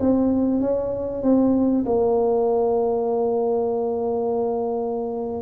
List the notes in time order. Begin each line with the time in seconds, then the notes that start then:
0.00 C4
0.61 C#4
1.22 C4
1.85 A#3